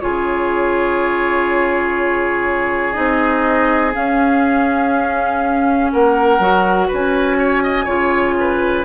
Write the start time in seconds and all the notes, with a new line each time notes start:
0.00 C#3 F4 G#4 C#5
2.93 C4 D#4 D#5
3.93 C#4 F5
5.92 A#3 A#4 F#5
6.39 F#3 F#4
6.87 C#4 B4
6.94 G#5
7.38 C#5
7.63 D#5
7.85 C#3 F4 C#5
8.40 B4